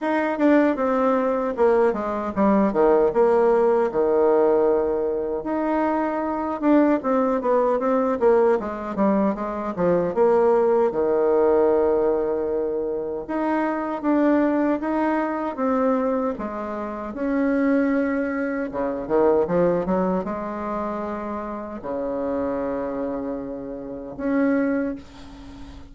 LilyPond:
\new Staff \with { instrumentName = "bassoon" } { \time 4/4 \tempo 4 = 77 dis'8 d'8 c'4 ais8 gis8 g8 dis8 | ais4 dis2 dis'4~ | dis'8 d'8 c'8 b8 c'8 ais8 gis8 g8 | gis8 f8 ais4 dis2~ |
dis4 dis'4 d'4 dis'4 | c'4 gis4 cis'2 | cis8 dis8 f8 fis8 gis2 | cis2. cis'4 | }